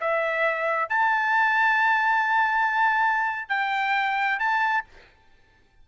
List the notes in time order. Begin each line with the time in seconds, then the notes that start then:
0.00 E5
0.89 A5
3.49 G5
4.39 A5